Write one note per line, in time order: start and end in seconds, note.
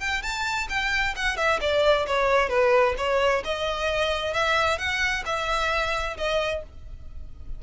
0.00 0.23 G5
0.23 0.68 A5
0.70 1.15 G5
1.17 1.37 F#5
1.37 1.60 E5
1.61 2.07 D5
2.07 2.50 C#5
2.50 2.95 B4
2.98 3.43 C#5
3.45 4.34 D#5
4.34 4.79 E5
4.79 5.24 F#5
5.26 6.17 E5
6.18 6.63 D#5